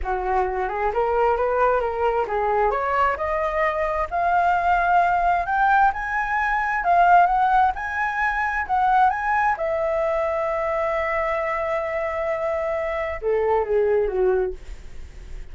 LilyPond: \new Staff \with { instrumentName = "flute" } { \time 4/4 \tempo 4 = 132 fis'4. gis'8 ais'4 b'4 | ais'4 gis'4 cis''4 dis''4~ | dis''4 f''2. | g''4 gis''2 f''4 |
fis''4 gis''2 fis''4 | gis''4 e''2.~ | e''1~ | e''4 a'4 gis'4 fis'4 | }